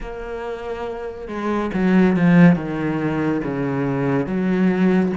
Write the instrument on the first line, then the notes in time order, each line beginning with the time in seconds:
cello
0.00 A#3
1.28 G#3
1.73 F#3
2.16 F3
2.55 D#3
3.43 C#3
4.26 F#3